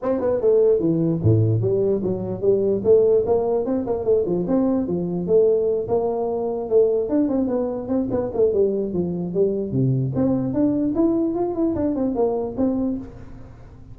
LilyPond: \new Staff \with { instrumentName = "tuba" } { \time 4/4 \tempo 4 = 148 c'8 b8 a4 e4 a,4 | g4 fis4 g4 a4 | ais4 c'8 ais8 a8 f8 c'4 | f4 a4. ais4.~ |
ais8 a4 d'8 c'8 b4 c'8 | b8 a8 g4 f4 g4 | c4 c'4 d'4 e'4 | f'8 e'8 d'8 c'8 ais4 c'4 | }